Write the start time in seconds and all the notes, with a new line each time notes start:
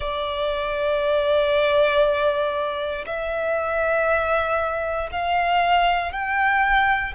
0.00 D5
3.06 E5
5.11 F5
6.12 G5